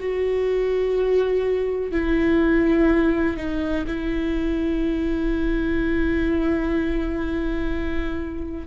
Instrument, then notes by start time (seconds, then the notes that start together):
viola
0.00 F#4
1.91 E4
3.37 D#4
3.87 E4